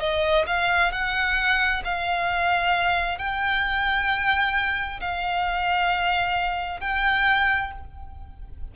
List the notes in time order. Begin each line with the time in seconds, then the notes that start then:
0.00 D#5
0.47 F5
0.92 F#5
1.85 F5
3.19 G5
5.01 F5
6.81 G5